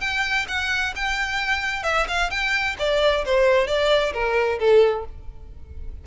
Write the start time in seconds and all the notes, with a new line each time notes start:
0.00 G5
0.48 F#5
0.95 G5
1.83 E5
2.08 F5
2.30 G5
2.79 D5
3.25 C5
3.67 D5
4.13 A#4
4.59 A4